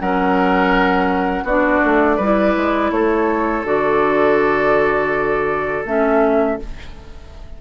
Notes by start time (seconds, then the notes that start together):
0.00 F#3 C#4 A#4 F#5
1.43 B3 D4 F#4 D5
1.84 A3
2.17 G3 B4
2.23 E4
2.57 G#3
2.91 A3 A4 C#5
3.64 D3 F#4 D5
5.85 A3 C#4 E5